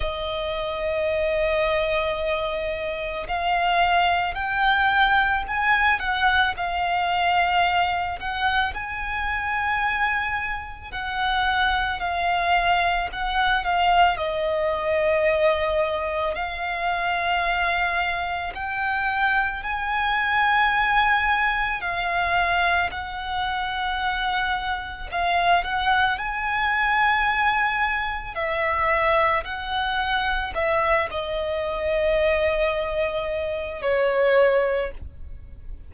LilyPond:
\new Staff \with { instrumentName = "violin" } { \time 4/4 \tempo 4 = 55 dis''2. f''4 | g''4 gis''8 fis''8 f''4. fis''8 | gis''2 fis''4 f''4 | fis''8 f''8 dis''2 f''4~ |
f''4 g''4 gis''2 | f''4 fis''2 f''8 fis''8 | gis''2 e''4 fis''4 | e''8 dis''2~ dis''8 cis''4 | }